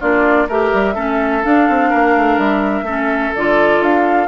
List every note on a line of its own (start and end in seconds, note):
0.00 0.48 A#3
0.00 0.48 D4
0.00 0.48 F4
0.00 0.49 D5
0.48 0.71 A3
0.48 0.95 G4
0.48 0.95 A#4
0.48 1.44 E5
0.73 0.96 G3
0.95 1.44 A3
0.95 1.42 C#4
0.95 1.90 A4
1.43 2.86 D4
1.43 1.69 D4
1.43 2.39 F5
1.69 1.92 C4
1.90 2.16 A#3
1.90 2.85 A#4
2.16 2.37 A3
2.37 2.82 G3
2.37 3.34 E5
2.82 3.30 A3
2.82 3.34 C#4
2.82 4.27 A4
3.35 3.80 D3
3.35 4.27 F4
3.35 3.82 D5
3.80 4.27 D4
3.80 4.27 F5